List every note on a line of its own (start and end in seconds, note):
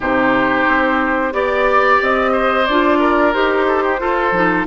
0.00 0.66 C3
0.00 1.32 D#4
0.00 1.33 G4
0.00 1.32 C5
0.67 1.32 C4
1.32 1.99 B3
1.32 2.65 G4
1.32 1.99 D5
1.32 2.32 D5
2.02 2.68 C4
2.02 2.66 D#5
2.32 2.98 C5
2.66 3.34 D4
2.66 3.33 F4
2.66 3.32 D5
2.99 3.65 A#4
3.33 3.99 D#4
3.33 3.98 G4
3.33 4.66 C5
3.67 3.83 A4
3.83 3.99 G4
3.98 4.32 F4
3.98 4.31 F4
3.98 4.66 A4
4.31 4.65 F3
4.31 4.66 D#4